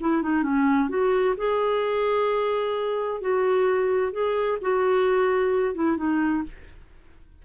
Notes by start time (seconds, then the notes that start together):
0.00 E4
0.22 D#4
0.43 C#4
0.89 F#4
1.37 G#4
3.21 F#4
4.12 G#4
4.61 F#4
5.74 E4
5.97 D#4